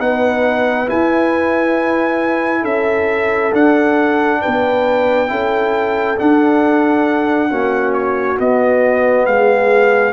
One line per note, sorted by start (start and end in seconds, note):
0.00 0.88 B3
0.00 0.87 D#4
0.00 2.62 B4
0.00 0.89 F#5
0.87 3.52 E4
0.87 2.64 E4
0.87 2.65 G#5
2.62 3.52 C#4
2.62 4.39 A4
2.62 3.53 E5
3.53 4.42 D4
3.53 5.28 D4
3.53 4.42 F#5
4.42 5.31 B3
4.42 5.30 B4
4.42 6.19 G5
5.28 6.19 C#4
5.28 6.17 E4
5.28 7.51 A4
6.17 7.49 D4
6.17 7.51 D4
6.17 7.94 F#5
7.50 8.40 A#3
7.50 8.38 C#4
7.50 9.28 F#4
7.94 8.38 C#5
8.38 10.13 B3
8.38 9.27 B3
8.38 9.26 D#5
9.26 10.13 G#3
9.26 10.13 G#4
9.26 10.13 F5